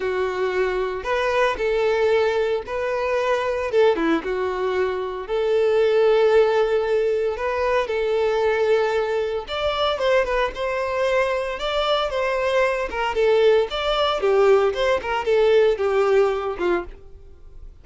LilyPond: \new Staff \with { instrumentName = "violin" } { \time 4/4 \tempo 4 = 114 fis'2 b'4 a'4~ | a'4 b'2 a'8 e'8 | fis'2 a'2~ | a'2 b'4 a'4~ |
a'2 d''4 c''8 b'8 | c''2 d''4 c''4~ | c''8 ais'8 a'4 d''4 g'4 | c''8 ais'8 a'4 g'4. f'8 | }